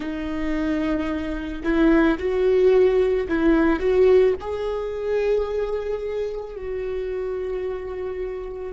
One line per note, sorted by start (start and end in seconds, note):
0.00 1.62 D#4
1.63 2.18 E4
2.18 3.27 F#4
3.28 3.79 E4
3.79 4.33 F#4
4.40 6.56 G#4
6.56 8.72 F#4